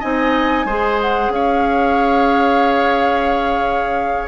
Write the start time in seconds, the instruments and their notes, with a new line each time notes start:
0.00 bassoon C4, clarinet D#4, oboe D#5, flute G#5
0.65 bassoon G#3, clarinet G#4, oboe C5
1.01 flute F#5
1.29 bassoon C#4, flute F5
1.35 oboe C#5